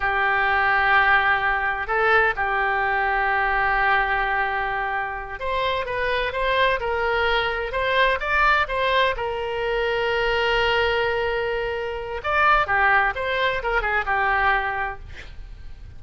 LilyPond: \new Staff \with { instrumentName = "oboe" } { \time 4/4 \tempo 4 = 128 g'1 | a'4 g'2.~ | g'2.~ g'8 c''8~ | c''8 b'4 c''4 ais'4.~ |
ais'8 c''4 d''4 c''4 ais'8~ | ais'1~ | ais'2 d''4 g'4 | c''4 ais'8 gis'8 g'2 | }